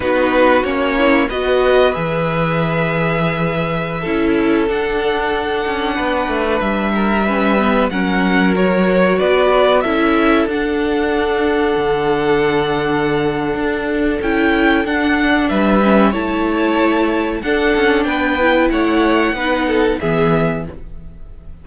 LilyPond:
<<
  \new Staff \with { instrumentName = "violin" } { \time 4/4 \tempo 4 = 93 b'4 cis''4 dis''4 e''4~ | e''2.~ e''16 fis''8.~ | fis''2~ fis''16 e''4.~ e''16~ | e''16 fis''4 cis''4 d''4 e''8.~ |
e''16 fis''2.~ fis''8.~ | fis''2 g''4 fis''4 | e''4 a''2 fis''4 | g''4 fis''2 e''4 | }
  \new Staff \with { instrumentName = "violin" } { \time 4/4 fis'4. e'8 b'2~ | b'2~ b'16 a'4.~ a'16~ | a'4~ a'16 b'4. ais'8 b'8.~ | b'16 ais'2 b'4 a'8.~ |
a'1~ | a'1 | b'4 cis''2 a'4 | b'4 cis''4 b'8 a'8 gis'4 | }
  \new Staff \with { instrumentName = "viola" } { \time 4/4 dis'4 cis'4 fis'4 gis'4~ | gis'2~ gis'16 e'4 d'8.~ | d'2.~ d'16 cis'8 b16~ | b16 cis'4 fis'2 e'8.~ |
e'16 d'2.~ d'8.~ | d'2 e'4 d'4~ | d'8 cis'8 e'2 d'4~ | d'8 e'4. dis'4 b4 | }
  \new Staff \with { instrumentName = "cello" } { \time 4/4 b4 ais4 b4 e4~ | e2~ e16 cis'4 d'8.~ | d'8. cis'8 b8 a8 g4.~ g16~ | g16 fis2 b4 cis'8.~ |
cis'16 d'2 d4.~ d16~ | d4 d'4 cis'4 d'4 | g4 a2 d'8 cis'8 | b4 a4 b4 e4 | }
>>